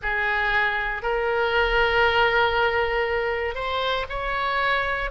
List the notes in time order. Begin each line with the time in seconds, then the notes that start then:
0.02 G#4
1.02 A#4
3.54 C5
4.09 C#5